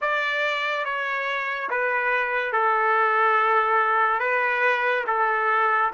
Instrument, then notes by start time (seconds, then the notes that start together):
trumpet
0.01 D5
0.85 C#5
1.69 B4
2.52 A4
4.19 B4
5.06 A4